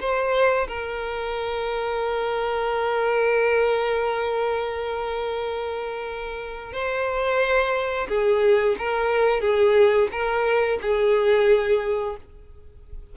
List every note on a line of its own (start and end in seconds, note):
0.00 0.67 C5
0.68 6.73 A#4
6.73 8.07 C5
8.08 8.76 G#4
8.78 9.40 A#4
9.40 10.08 G#4
10.11 10.79 A#4
10.81 12.16 G#4